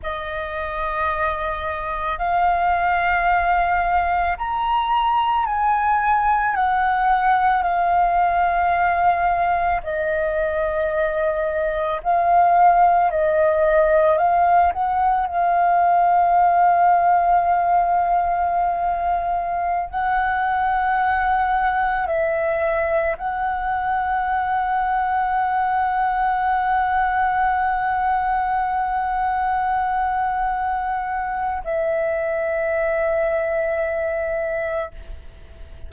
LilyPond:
\new Staff \with { instrumentName = "flute" } { \time 4/4 \tempo 4 = 55 dis''2 f''2 | ais''4 gis''4 fis''4 f''4~ | f''4 dis''2 f''4 | dis''4 f''8 fis''8 f''2~ |
f''2~ f''16 fis''4.~ fis''16~ | fis''16 e''4 fis''2~ fis''8.~ | fis''1~ | fis''4 e''2. | }